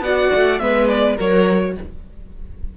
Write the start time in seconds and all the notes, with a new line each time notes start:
0.00 B3 F#4 D5 F#5
0.35 A3
0.59 G#3 B3 B4 E5
0.88 D5
1.16 F#3 F#4 A#4 C#5